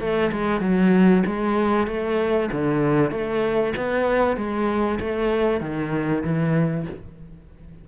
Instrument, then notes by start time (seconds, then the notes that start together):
cello
0.00 A3
0.32 G#3
0.61 F#3
1.26 G#3
1.87 A3
2.52 D3
3.11 A3
3.77 B3
4.37 G#3
5.00 A3
5.61 D#3
6.24 E3